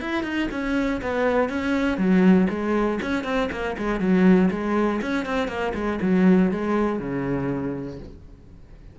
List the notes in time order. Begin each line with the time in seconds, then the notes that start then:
0.00 E4
0.23 D#4
0.51 C#4
1.01 B3
1.49 C#4
1.97 F#3
2.49 G#3
3.02 C#4
3.24 C4
3.51 A#3
3.77 G#3
4.00 F#3
4.50 G#3
5.01 C#4
5.25 C4
5.47 A#3
5.74 G#3
6.01 F#3
6.51 G#3
6.99 C#3